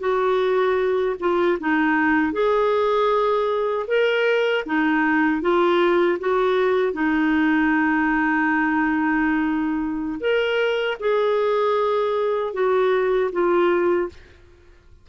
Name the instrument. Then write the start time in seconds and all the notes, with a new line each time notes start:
clarinet
0.00 F#4
1.20 F4
1.60 D#4
2.33 G#4
3.87 A#4
4.66 D#4
5.42 F4
6.20 F#4
6.93 D#4
10.21 A#4
11.00 G#4
12.53 F#4
13.32 F4